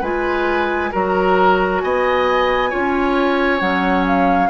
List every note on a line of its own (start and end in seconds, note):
0.00 0.91 G#3
0.00 0.92 F4
0.00 0.90 B4
0.00 0.92 G#5
0.92 1.83 F#3
0.92 2.71 F#4
0.92 1.81 A#4
0.92 1.81 A#5
1.81 2.73 B3
1.81 2.70 D#5
1.81 3.60 G#5
2.70 3.61 C#4
2.70 3.60 F4
2.70 4.49 C#5
3.60 4.50 F#3
3.60 4.50 C#4
3.60 4.04 F#5
4.06 4.50 F5